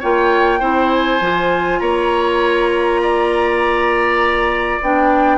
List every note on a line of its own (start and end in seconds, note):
0.00 0.61 A#3
0.00 0.60 F4
0.00 0.60 C#5
0.00 0.92 G5
0.60 1.21 C4
0.60 1.20 E4
0.60 1.80 C5
0.92 1.79 G#5
1.21 1.81 F3
1.21 4.82 F4
1.79 4.81 A#3
1.79 3.01 C#5
1.79 4.79 A#5
3.02 5.38 D5
4.81 5.38 B3
4.81 5.38 D4
4.81 5.38 G5